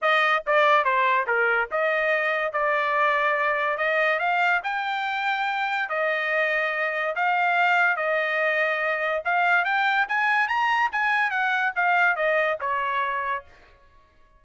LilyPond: \new Staff \with { instrumentName = "trumpet" } { \time 4/4 \tempo 4 = 143 dis''4 d''4 c''4 ais'4 | dis''2 d''2~ | d''4 dis''4 f''4 g''4~ | g''2 dis''2~ |
dis''4 f''2 dis''4~ | dis''2 f''4 g''4 | gis''4 ais''4 gis''4 fis''4 | f''4 dis''4 cis''2 | }